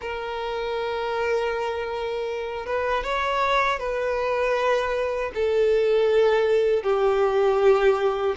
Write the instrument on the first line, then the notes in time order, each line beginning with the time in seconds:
violin
0.01 A#4
2.66 B4
3.03 C#5
3.79 B4
5.34 A4
6.83 G4